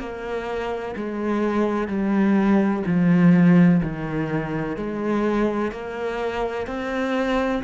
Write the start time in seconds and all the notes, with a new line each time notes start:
0.00 A#3
0.97 G#3
1.88 G3
2.87 F3
3.84 D#3
4.77 G#3
5.72 A#3
6.68 C4